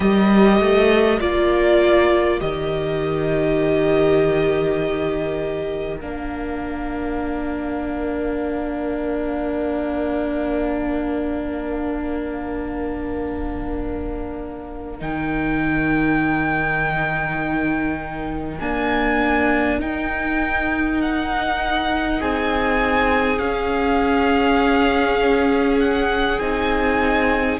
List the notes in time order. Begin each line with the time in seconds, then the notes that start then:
0.00 G3 G4 A#4 D#5
0.60 A3
1.20 A#3 F4 D5
2.40 D#3 G4 D#5
6.00 A#3 D4 F5
14.98 D#3 D#4 G5
18.59 A#3 D4 G#5
19.79 D#4 G5
21.01 F#5
22.20 C4 G#4 G#5
23.38 C#4 F5
25.79 F#5
26.39 C4 D#4 G#5